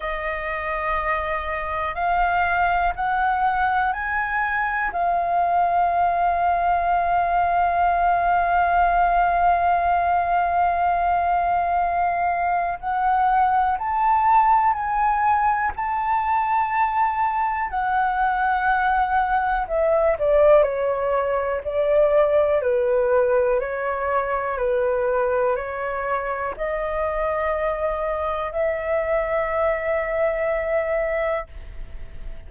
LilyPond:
\new Staff \with { instrumentName = "flute" } { \time 4/4 \tempo 4 = 61 dis''2 f''4 fis''4 | gis''4 f''2.~ | f''1~ | f''4 fis''4 a''4 gis''4 |
a''2 fis''2 | e''8 d''8 cis''4 d''4 b'4 | cis''4 b'4 cis''4 dis''4~ | dis''4 e''2. | }